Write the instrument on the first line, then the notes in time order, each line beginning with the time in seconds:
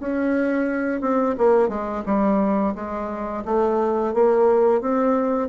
bassoon
0.00 C#4
1.01 C4
1.38 A#3
1.69 G#3
2.06 G3
2.75 G#3
3.45 A3
4.14 A#3
4.81 C4